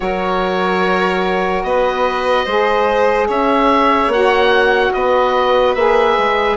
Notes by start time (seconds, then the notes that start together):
0.00 F#3 F#4 A#4 C#5
1.63 B3 B4 D#5
2.45 G#3 G#4 C5
3.27 C#4 C#5 E5
4.07 A#3 F#4 F#5
4.93 B3 B4 D#5
5.74 A#3 G#4 E5
6.18 G#3